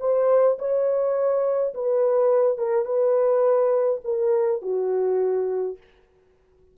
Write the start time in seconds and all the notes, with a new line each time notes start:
0.00 C5
0.58 C#5
1.74 B4
2.58 A#4
2.85 B4
4.04 A#4
4.62 F#4